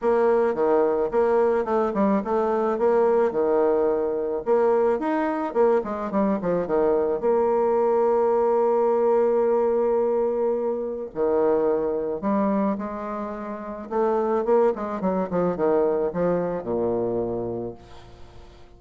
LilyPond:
\new Staff \with { instrumentName = "bassoon" } { \time 4/4 \tempo 4 = 108 ais4 dis4 ais4 a8 g8 | a4 ais4 dis2 | ais4 dis'4 ais8 gis8 g8 f8 | dis4 ais2.~ |
ais1 | dis2 g4 gis4~ | gis4 a4 ais8 gis8 fis8 f8 | dis4 f4 ais,2 | }